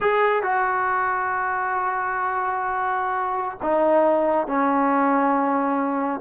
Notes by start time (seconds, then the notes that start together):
0.00 G#4
0.42 F#4
3.62 D#4
4.47 C#4